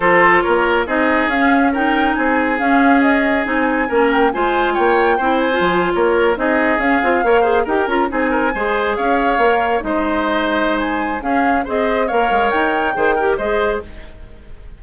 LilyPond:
<<
  \new Staff \with { instrumentName = "flute" } { \time 4/4 \tempo 4 = 139 c''4 cis''4 dis''4 f''4 | g''4 gis''4 f''4 dis''4 | gis''4. g''8 gis''4 g''4~ | g''8 gis''4~ gis''16 cis''4 dis''4 f''16~ |
f''4.~ f''16 g''8 ais''8 gis''4~ gis''16~ | gis''8. f''2 dis''4~ dis''16~ | dis''4 gis''4 f''4 dis''4 | f''4 g''2 dis''4 | }
  \new Staff \with { instrumentName = "oboe" } { \time 4/4 a'4 ais'4 gis'2 | ais'4 gis'2.~ | gis'4 ais'4 c''4 cis''4 | c''4.~ c''16 ais'4 gis'4~ gis'16~ |
gis'8. cis''8 c''8 ais'4 gis'8 ais'8 c''16~ | c''8. cis''2 c''4~ c''16~ | c''2 gis'4 c''4 | cis''2 c''8 ais'8 c''4 | }
  \new Staff \with { instrumentName = "clarinet" } { \time 4/4 f'2 dis'4 cis'4 | dis'2 cis'2 | dis'4 cis'4 f'2 | e'8. f'2 dis'4 cis'16~ |
cis'16 f'8 ais'8 gis'8 g'8 f'8 dis'4 gis'16~ | gis'4.~ gis'16 ais'4 dis'4~ dis'16~ | dis'2 cis'4 gis'4 | ais'2 gis'8 g'8 gis'4 | }
  \new Staff \with { instrumentName = "bassoon" } { \time 4/4 f4 ais4 c'4 cis'4~ | cis'4 c'4 cis'2 | c'4 ais4 gis4 ais4 | c'4 f8. ais4 c'4 cis'16~ |
cis'16 c'8 ais4 dis'8 cis'8 c'4 gis16~ | gis8. cis'4 ais4 gis4~ gis16~ | gis2 cis'4 c'4 | ais8 gis8 dis'4 dis4 gis4 | }
>>